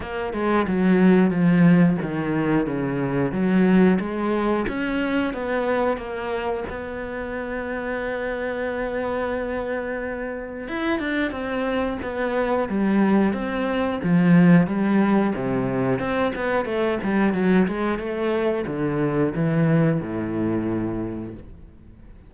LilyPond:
\new Staff \with { instrumentName = "cello" } { \time 4/4 \tempo 4 = 90 ais8 gis8 fis4 f4 dis4 | cis4 fis4 gis4 cis'4 | b4 ais4 b2~ | b1 |
e'8 d'8 c'4 b4 g4 | c'4 f4 g4 c4 | c'8 b8 a8 g8 fis8 gis8 a4 | d4 e4 a,2 | }